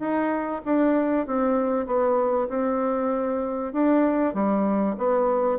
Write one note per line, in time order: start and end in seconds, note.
0.00 0.62 D#4
0.66 1.27 D4
1.27 1.87 C4
1.87 2.49 B3
2.49 3.73 C4
3.73 4.34 D4
4.34 4.96 G3
4.98 5.59 B3